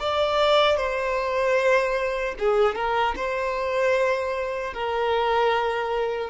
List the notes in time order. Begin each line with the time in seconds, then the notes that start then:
0.00 D5
0.77 C5
2.39 G#4
2.76 A#4
3.16 C5
4.74 A#4